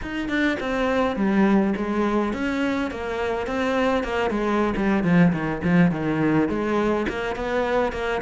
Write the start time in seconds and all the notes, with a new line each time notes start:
0.02 D#4
0.29 D4
0.60 C4
1.16 G3
1.76 G#3
2.33 C#4
2.90 A#3
3.46 C4
4.03 A#3
4.30 G#3
4.76 G3
5.03 F3
5.32 D#3
5.63 F3
5.91 D#3
6.49 G#3
7.09 A#3
7.35 B3
7.92 A#3